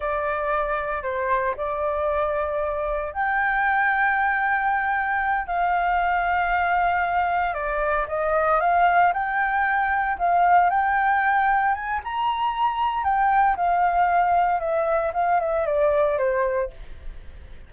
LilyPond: \new Staff \with { instrumentName = "flute" } { \time 4/4 \tempo 4 = 115 d''2 c''4 d''4~ | d''2 g''2~ | g''2~ g''8 f''4.~ | f''2~ f''8 d''4 dis''8~ |
dis''8 f''4 g''2 f''8~ | f''8 g''2 gis''8 ais''4~ | ais''4 g''4 f''2 | e''4 f''8 e''8 d''4 c''4 | }